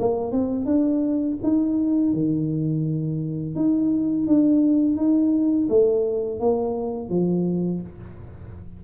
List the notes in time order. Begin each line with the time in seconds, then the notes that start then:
0.00 A#3
0.32 C4
0.66 D4
1.44 D#4
2.14 D#3
3.56 D#4
4.28 D4
4.97 D#4
5.69 A3
6.40 A#3
7.10 F3